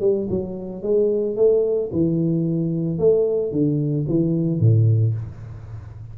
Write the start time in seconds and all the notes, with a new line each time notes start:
0.00 G3
0.29 F#3
0.82 G#3
1.36 A3
1.92 E3
2.98 A3
3.51 D3
4.08 E3
4.59 A2